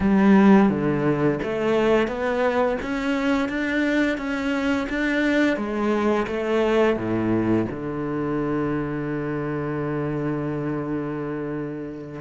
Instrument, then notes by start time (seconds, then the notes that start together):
cello
0.00 G3
0.69 D3
1.42 A3
2.07 B3
2.82 C#4
3.48 D4
4.17 C#4
4.89 D4
5.57 G#3
6.27 A3
6.96 A2
7.70 D3